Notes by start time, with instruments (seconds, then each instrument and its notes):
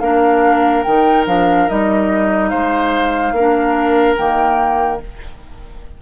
0.00 bassoon A#3, clarinet D4, oboe A#4, flute F5
0.84 bassoon D#3, clarinet D#4, flute G5
1.27 bassoon F3, clarinet D4, flute F5
1.69 bassoon G3, clarinet D#4, flute D#5
2.49 bassoon G#3, oboe C5, flute F5
3.32 bassoon A#3, oboe A#4
3.40 clarinet D4
4.17 bassoon D#3, clarinet A#3, flute G5